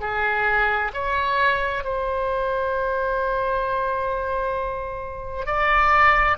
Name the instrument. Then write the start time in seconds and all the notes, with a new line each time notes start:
oboe
0.00 G#4
0.93 C#5
1.83 C5
5.46 D5